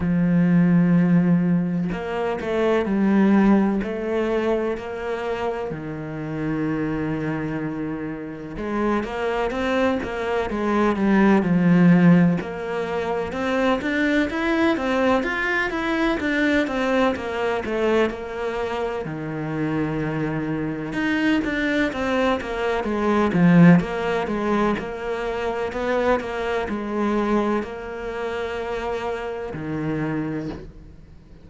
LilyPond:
\new Staff \with { instrumentName = "cello" } { \time 4/4 \tempo 4 = 63 f2 ais8 a8 g4 | a4 ais4 dis2~ | dis4 gis8 ais8 c'8 ais8 gis8 g8 | f4 ais4 c'8 d'8 e'8 c'8 |
f'8 e'8 d'8 c'8 ais8 a8 ais4 | dis2 dis'8 d'8 c'8 ais8 | gis8 f8 ais8 gis8 ais4 b8 ais8 | gis4 ais2 dis4 | }